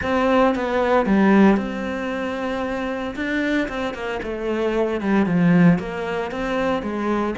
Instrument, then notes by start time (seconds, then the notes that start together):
cello
0.02 C4
0.55 B3
1.06 G3
1.56 C4
3.15 D4
3.68 C4
3.93 A#3
4.22 A3
5.00 G3
5.26 F3
5.78 A#3
6.31 C4
6.82 G#3